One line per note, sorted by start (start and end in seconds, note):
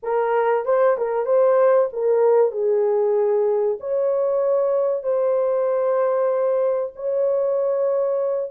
0.02 0.65 A#4
0.65 0.96 C5
0.97 1.25 A#4
1.25 1.88 C5
1.92 2.51 A#4
2.51 3.78 G#4
3.80 5.03 C#5
5.03 6.92 C5
6.95 8.51 C#5